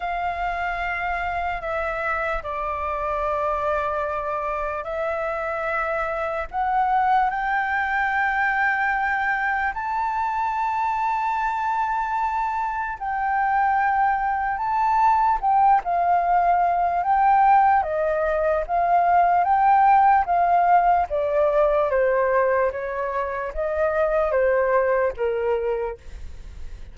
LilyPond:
\new Staff \with { instrumentName = "flute" } { \time 4/4 \tempo 4 = 74 f''2 e''4 d''4~ | d''2 e''2 | fis''4 g''2. | a''1 |
g''2 a''4 g''8 f''8~ | f''4 g''4 dis''4 f''4 | g''4 f''4 d''4 c''4 | cis''4 dis''4 c''4 ais'4 | }